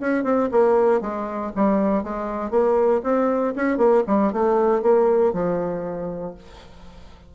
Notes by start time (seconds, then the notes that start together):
0.00 C#4
0.24 C4
0.51 A#3
1.01 G#3
1.56 G3
2.03 G#3
2.51 A#3
3.03 C4
3.56 C#4
3.77 A#3
4.07 G3
4.33 A3
4.82 A#3
5.33 F3